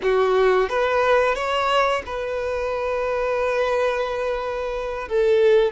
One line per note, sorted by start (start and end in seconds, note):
0.02 0.69 F#4
0.69 1.35 B4
1.35 2.02 C#5
2.06 5.08 B4
5.08 5.72 A4